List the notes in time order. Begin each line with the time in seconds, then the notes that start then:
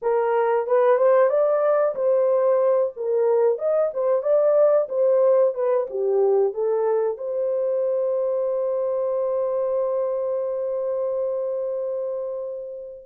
0.02 A#4
0.66 B4
0.97 C5
1.29 D5
1.95 C5
2.96 A#4
3.58 D#5
3.93 C5
4.22 D5
4.89 C5
5.54 B4
5.90 G4
6.53 A4
7.17 C5